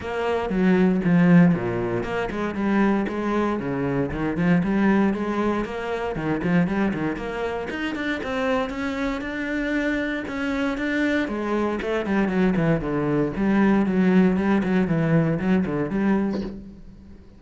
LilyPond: \new Staff \with { instrumentName = "cello" } { \time 4/4 \tempo 4 = 117 ais4 fis4 f4 ais,4 | ais8 gis8 g4 gis4 cis4 | dis8 f8 g4 gis4 ais4 | dis8 f8 g8 dis8 ais4 dis'8 d'8 |
c'4 cis'4 d'2 | cis'4 d'4 gis4 a8 g8 | fis8 e8 d4 g4 fis4 | g8 fis8 e4 fis8 d8 g4 | }